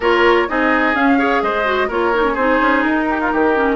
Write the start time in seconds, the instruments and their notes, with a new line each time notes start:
0.00 bassoon A#3, clarinet F4, oboe A#4, flute C#5
0.48 bassoon C4, clarinet D#4, oboe G#4, flute D#5
0.95 clarinet C#4, bassoon C#4, flute F5
1.18 clarinet G#4, oboe C#5
1.42 bassoon G#3, oboe C5, flute D#5
1.64 clarinet F#4
1.88 bassoon A#3, clarinet F4, oboe A#4, flute C#5
2.14 clarinet D#4
2.23 clarinet C#4
2.33 bassoon C4, oboe G#4, flute C5
2.39 clarinet D#4
2.60 bassoon C#4
2.82 bassoon D#4, flute A#4
3.09 oboe G4
3.20 oboe F4
3.31 bassoon D#3, oboe G4
3.55 clarinet C#4